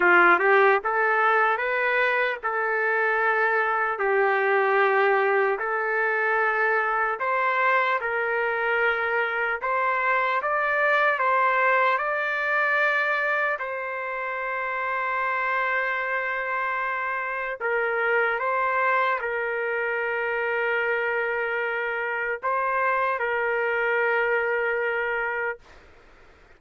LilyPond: \new Staff \with { instrumentName = "trumpet" } { \time 4/4 \tempo 4 = 75 f'8 g'8 a'4 b'4 a'4~ | a'4 g'2 a'4~ | a'4 c''4 ais'2 | c''4 d''4 c''4 d''4~ |
d''4 c''2.~ | c''2 ais'4 c''4 | ais'1 | c''4 ais'2. | }